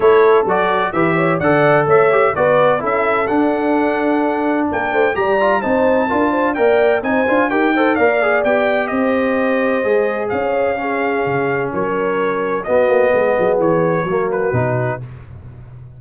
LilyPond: <<
  \new Staff \with { instrumentName = "trumpet" } { \time 4/4 \tempo 4 = 128 cis''4 d''4 e''4 fis''4 | e''4 d''4 e''4 fis''4~ | fis''2 g''4 ais''4 | a''2 g''4 gis''4 |
g''4 f''4 g''4 dis''4~ | dis''2 f''2~ | f''4 cis''2 dis''4~ | dis''4 cis''4. b'4. | }
  \new Staff \with { instrumentName = "horn" } { \time 4/4 a'2 b'8 cis''8 d''4 | cis''4 b'4 a'2~ | a'2 ais'8 c''8 d''4 | c''4 ais'8 c''8 d''4 c''4 |
ais'8 c''8 d''2 c''4~ | c''2 cis''4 gis'4~ | gis'4 ais'2 fis'4 | gis'2 fis'2 | }
  \new Staff \with { instrumentName = "trombone" } { \time 4/4 e'4 fis'4 g'4 a'4~ | a'8 g'8 fis'4 e'4 d'4~ | d'2. g'8 f'8 | dis'4 f'4 ais'4 dis'8 f'8 |
g'8 a'8 ais'8 gis'8 g'2~ | g'4 gis'2 cis'4~ | cis'2. b4~ | b2 ais4 dis'4 | }
  \new Staff \with { instrumentName = "tuba" } { \time 4/4 a4 fis4 e4 d4 | a4 b4 cis'4 d'4~ | d'2 ais8 a8 g4 | c'4 d'4 ais4 c'8 d'8 |
dis'4 ais4 b4 c'4~ | c'4 gis4 cis'2 | cis4 fis2 b8 ais8 | gis8 fis8 e4 fis4 b,4 | }
>>